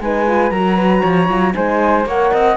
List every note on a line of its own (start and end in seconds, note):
0.00 0.51 G#3
0.00 0.27 D#4
0.00 0.52 B4
0.00 0.50 G#5
0.27 0.52 F4
0.50 1.02 F#3
0.50 1.29 F#4
0.50 0.76 A#4
0.50 1.53 A#5
0.76 1.01 B4
1.01 1.28 F3
1.01 1.52 C#5
1.28 1.54 F#3
1.28 1.54 F4
1.54 2.06 G#3
1.54 2.06 D#4
1.54 2.07 C5
1.54 2.06 G#5
2.06 2.31 A#3
2.06 2.57 A#4
2.06 2.32 C#5
2.06 2.57 F#5
2.32 2.57 C4
2.32 2.57 D#5